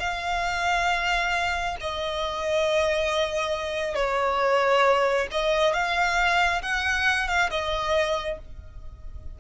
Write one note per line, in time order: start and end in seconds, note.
0.00 1.76 F5
1.80 3.95 D#5
3.95 5.28 C#5
5.31 5.74 D#5
5.74 6.62 F5
6.62 7.28 F#5
7.28 7.50 F5
7.50 8.39 D#5